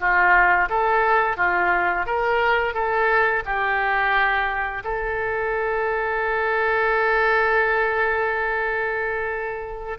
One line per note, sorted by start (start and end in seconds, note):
0.00 0.69 F4
0.69 1.37 A4
1.37 2.06 F4
2.06 2.74 A#4
2.74 3.43 A4
3.45 4.83 G4
4.84 9.99 A4